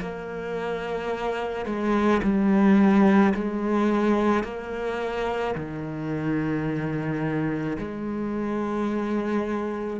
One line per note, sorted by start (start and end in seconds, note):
0.00 1.66 A#3
1.66 2.21 G#3
2.22 3.33 G3
3.34 4.43 G#3
4.43 5.55 A#3
5.55 7.77 D#3
7.78 9.99 G#3